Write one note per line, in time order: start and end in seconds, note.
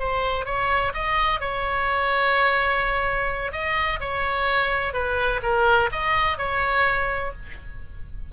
0.00 0.46 C5
0.46 0.93 C#5
0.94 1.40 D#5
1.40 3.53 C#5
3.53 4.00 D#5
4.01 4.94 C#5
4.94 5.41 B4
5.43 5.90 A#4
5.92 6.38 D#5
6.38 7.33 C#5